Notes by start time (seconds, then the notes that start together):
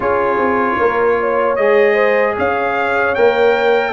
0.00 C#4 F4 G#4 C#5
0.37 C4
0.78 A#3 A#4
1.20 C#5
1.55 G#3 G#4 D#5
1.93 C5
2.36 C#4 C#5 F5
3.14 A#3 A#4 G5